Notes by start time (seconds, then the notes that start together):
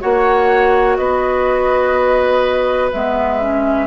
0.00 A#3 F#4 C#5 F#5
0.96 B3 B4 D#5
2.92 G#3 B3 E5
3.41 C#4